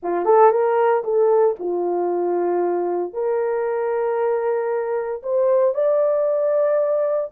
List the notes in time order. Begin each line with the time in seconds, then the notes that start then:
0.02 F4
0.25 A4
0.51 A#4
1.04 A4
1.59 F4
3.13 A#4
5.22 C5
5.74 D5